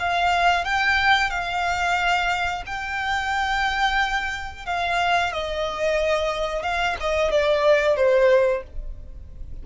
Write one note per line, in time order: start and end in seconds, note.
0.00 0.65 F5
0.65 1.30 G5
1.30 2.64 F5
2.67 4.66 G5
4.66 5.33 F5
5.33 6.63 D#5
6.63 6.97 F5
7.01 7.31 D#5
7.31 7.97 D5
7.97 8.63 C5